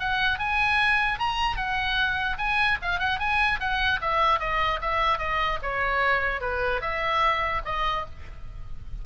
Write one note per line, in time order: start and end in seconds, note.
0.00 0.39 F#5
0.39 1.20 G#5
1.20 1.57 A#5
1.57 2.38 F#5
2.38 2.78 G#5
2.83 3.00 F5
3.00 3.20 F#5
3.20 3.60 G#5
3.60 4.00 F#5
4.02 4.40 E5
4.40 4.80 D#5
4.82 5.19 E5
5.19 5.59 D#5
5.63 6.41 C#5
6.41 6.82 B4
6.82 7.62 E5
7.65 8.06 D#5